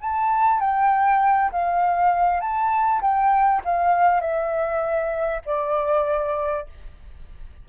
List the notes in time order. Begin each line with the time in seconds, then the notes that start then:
0.00 A5
0.60 G5
1.51 F5
2.40 A5
3.01 G5
3.64 F5
4.20 E5
5.45 D5